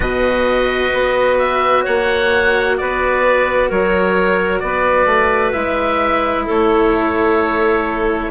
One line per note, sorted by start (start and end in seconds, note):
0.00 0.92 B2
0.00 5.53 F#4
0.00 1.83 B4
0.00 1.38 D#5
0.93 1.85 B3
1.38 1.84 E5
1.83 2.79 A#3
1.83 2.75 C#5
1.83 2.77 F#5
2.77 3.70 B3
2.77 3.69 B4
2.77 3.70 D5
3.69 4.62 F#3
3.69 4.61 A#4
3.69 4.59 C#5
4.59 5.05 B3
4.59 6.45 B4
4.59 5.51 D5
5.05 5.52 A3
5.52 6.47 G#3
5.52 8.30 E4
5.52 6.44 E5
6.45 8.30 A3
6.45 8.30 A4
6.45 8.30 C#5